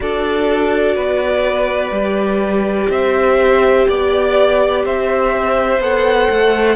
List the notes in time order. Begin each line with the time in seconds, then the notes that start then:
0.00 D4 F#4 A4 D5
0.95 B3 B4
1.91 G3 G4
2.89 C4 C5 E5
3.88 B3 D5
4.85 C4 C5 E5
5.79 B3 A4 F#5
6.30 A3